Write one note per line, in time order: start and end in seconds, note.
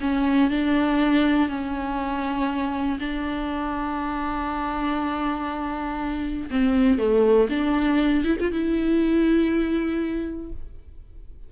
0.00 0.50 C#4
0.50 1.48 D4
1.48 2.98 C#4
2.99 6.49 D4
6.50 6.98 C4
6.98 7.48 A3
7.49 8.24 D4
8.24 8.37 E4
8.40 8.52 F4
8.52 10.52 E4